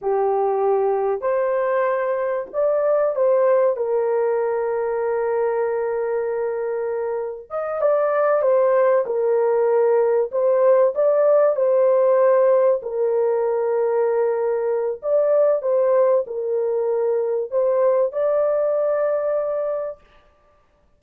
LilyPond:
\new Staff \with { instrumentName = "horn" } { \time 4/4 \tempo 4 = 96 g'2 c''2 | d''4 c''4 ais'2~ | ais'1 | dis''8 d''4 c''4 ais'4.~ |
ais'8 c''4 d''4 c''4.~ | c''8 ais'2.~ ais'8 | d''4 c''4 ais'2 | c''4 d''2. | }